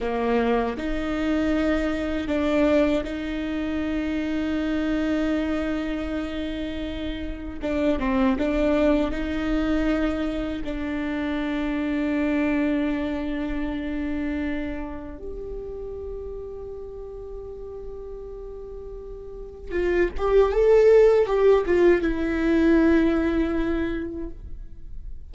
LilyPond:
\new Staff \with { instrumentName = "viola" } { \time 4/4 \tempo 4 = 79 ais4 dis'2 d'4 | dis'1~ | dis'2 d'8 c'8 d'4 | dis'2 d'2~ |
d'1 | g'1~ | g'2 f'8 g'8 a'4 | g'8 f'8 e'2. | }